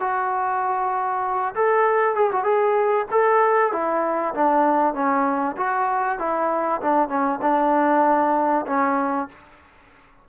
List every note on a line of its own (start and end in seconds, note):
0.00 1.55 F#4
1.55 2.15 A4
2.15 2.31 G#4
2.32 2.44 F#4
2.44 3.06 G#4
3.11 3.72 A4
3.72 4.34 E4
4.35 4.94 D4
4.94 5.56 C#4
5.57 6.19 F#4
6.19 6.81 E4
6.81 7.08 D4
7.08 7.39 C#4
7.42 8.65 D4
8.67 9.28 C#4